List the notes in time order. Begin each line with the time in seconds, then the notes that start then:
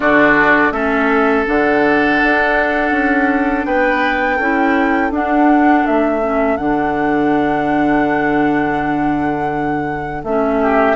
0.00 D3 D4 F#4 D5
0.71 A3 C#4 A4 E5
1.45 D3 D4 F#5
2.22 D4
2.91 C#4
3.65 B3 B4 G5
4.36 C#4 E4 A4
5.10 D4 F#5
5.86 A3 E5
6.21 C#4
6.56 D3 D4 F#5
10.23 A3 C#4 E5
10.61 G4